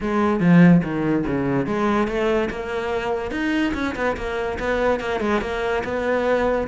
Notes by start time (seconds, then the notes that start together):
0.00 G#3
0.40 F3
0.83 D#3
1.26 C#3
1.66 G#3
2.07 A3
2.50 A#3
3.31 D#4
3.74 C#4
3.95 B3
4.16 A#3
4.59 B3
4.99 A#3
5.20 G#3
5.41 A#3
5.84 B3